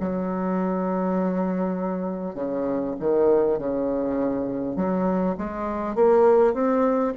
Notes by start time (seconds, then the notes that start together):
0.00 F#3
2.35 C#3
2.99 D#3
3.58 C#3
4.76 F#3
5.37 G#3
5.95 A#3
6.53 C4